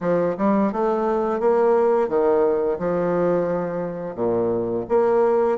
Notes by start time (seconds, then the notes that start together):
0.01 F3
0.37 G3
0.72 A3
1.40 A#3
2.08 D#3
2.78 F3
4.15 A#2
4.88 A#3